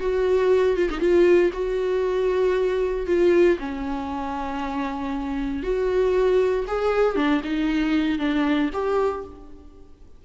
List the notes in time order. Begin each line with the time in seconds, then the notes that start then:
0.00 F#4
0.76 F4
0.90 D#4
1.00 F4
1.53 F#4
3.07 F4
3.59 C#4
5.63 F#4
6.67 G#4
7.16 D4
7.44 D#4
8.19 D4
8.73 G4